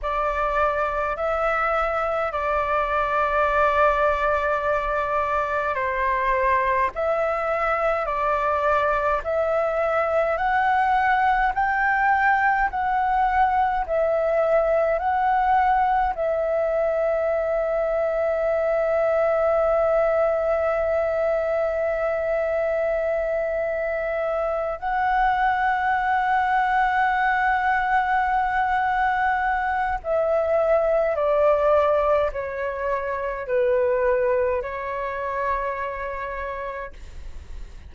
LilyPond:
\new Staff \with { instrumentName = "flute" } { \time 4/4 \tempo 4 = 52 d''4 e''4 d''2~ | d''4 c''4 e''4 d''4 | e''4 fis''4 g''4 fis''4 | e''4 fis''4 e''2~ |
e''1~ | e''4. fis''2~ fis''8~ | fis''2 e''4 d''4 | cis''4 b'4 cis''2 | }